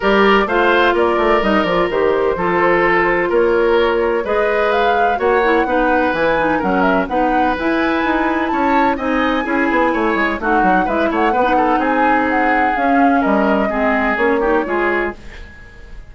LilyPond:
<<
  \new Staff \with { instrumentName = "flute" } { \time 4/4 \tempo 4 = 127 d''4 f''4 d''4 dis''8 d''8 | c''2. cis''4~ | cis''4 dis''4 f''4 fis''4~ | fis''4 gis''4 fis''8 e''8 fis''4 |
gis''2 a''4 gis''4~ | gis''2 fis''4 e''8 fis''8~ | fis''4 gis''4 fis''4 f''4 | dis''2 cis''2 | }
  \new Staff \with { instrumentName = "oboe" } { \time 4/4 ais'4 c''4 ais'2~ | ais'4 a'2 ais'4~ | ais'4 b'2 cis''4 | b'2 ais'4 b'4~ |
b'2 cis''4 dis''4 | gis'4 cis''4 fis'4 b'8 cis''8 | b'8 a'8 gis'2. | ais'4 gis'4. g'8 gis'4 | }
  \new Staff \with { instrumentName = "clarinet" } { \time 4/4 g'4 f'2 dis'8 f'8 | g'4 f'2.~ | f'4 gis'2 fis'8 e'8 | dis'4 e'8 dis'8 cis'4 dis'4 |
e'2. dis'4 | e'2 dis'4 e'4 | b16 dis'2~ dis'8. cis'4~ | cis'4 c'4 cis'8 dis'8 f'4 | }
  \new Staff \with { instrumentName = "bassoon" } { \time 4/4 g4 a4 ais8 a8 g8 f8 | dis4 f2 ais4~ | ais4 gis2 ais4 | b4 e4 fis4 b4 |
e'4 dis'4 cis'4 c'4 | cis'8 b8 a8 gis8 a8 fis8 gis8 a8 | b4 c'2 cis'4 | g4 gis4 ais4 gis4 | }
>>